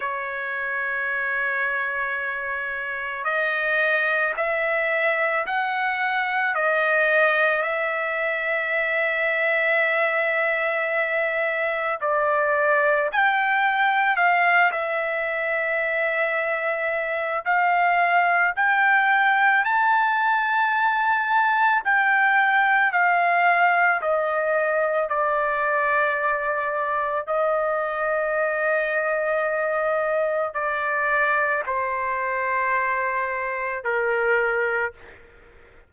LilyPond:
\new Staff \with { instrumentName = "trumpet" } { \time 4/4 \tempo 4 = 55 cis''2. dis''4 | e''4 fis''4 dis''4 e''4~ | e''2. d''4 | g''4 f''8 e''2~ e''8 |
f''4 g''4 a''2 | g''4 f''4 dis''4 d''4~ | d''4 dis''2. | d''4 c''2 ais'4 | }